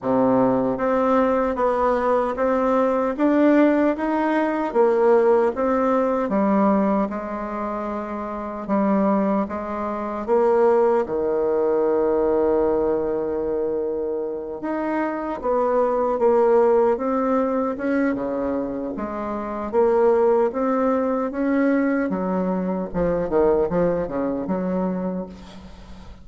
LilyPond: \new Staff \with { instrumentName = "bassoon" } { \time 4/4 \tempo 4 = 76 c4 c'4 b4 c'4 | d'4 dis'4 ais4 c'4 | g4 gis2 g4 | gis4 ais4 dis2~ |
dis2~ dis8 dis'4 b8~ | b8 ais4 c'4 cis'8 cis4 | gis4 ais4 c'4 cis'4 | fis4 f8 dis8 f8 cis8 fis4 | }